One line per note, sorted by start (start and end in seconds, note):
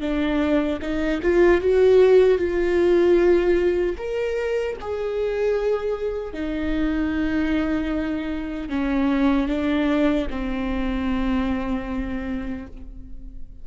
0.00 0.79 D4
0.81 1.21 D#4
1.22 1.61 F4
1.61 2.38 F#4
2.38 3.95 F4
3.97 4.76 A#4
4.81 6.33 G#4
6.33 8.69 D#4
8.69 9.48 C#4
9.48 10.27 D4
10.30 12.66 C4